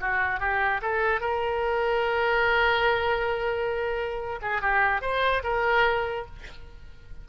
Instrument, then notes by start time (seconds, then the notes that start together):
oboe
0.00 F#4
0.40 G4
0.82 A4
1.21 A#4
4.42 G#4
4.61 G4
5.02 C5
5.44 A#4